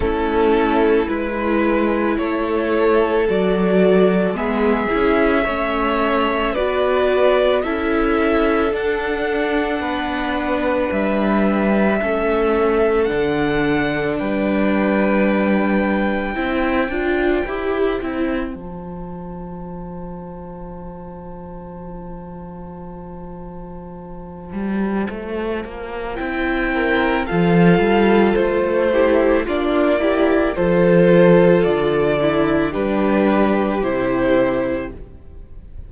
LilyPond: <<
  \new Staff \with { instrumentName = "violin" } { \time 4/4 \tempo 4 = 55 a'4 b'4 cis''4 d''4 | e''2 d''4 e''4 | fis''2 e''2 | fis''4 g''2.~ |
g''4 a''2.~ | a''1 | g''4 f''4 c''4 d''4 | c''4 d''4 b'4 c''4 | }
  \new Staff \with { instrumentName = "violin" } { \time 4/4 e'2 a'2 | gis'4 cis''4 b'4 a'4~ | a'4 b'2 a'4~ | a'4 b'2 c''4~ |
c''1~ | c''1~ | c''8 ais'8 a'4. g'8 f'8 g'8 | a'2 g'2 | }
  \new Staff \with { instrumentName = "viola" } { \time 4/4 cis'4 e'2 fis'4 | b8 e'8 cis'4 fis'4 e'4 | d'2. cis'4 | d'2. e'8 f'8 |
g'8 e'8 f'2.~ | f'1 | e'4 f'4. e'8 d'8 e'8 | f'4. e'8 d'4 e'4 | }
  \new Staff \with { instrumentName = "cello" } { \time 4/4 a4 gis4 a4 fis4 | gis8 cis'8 a4 b4 cis'4 | d'4 b4 g4 a4 | d4 g2 c'8 d'8 |
e'8 c'8 f2.~ | f2~ f8 g8 a8 ais8 | c'4 f8 g8 a4 ais4 | f4 d4 g4 c4 | }
>>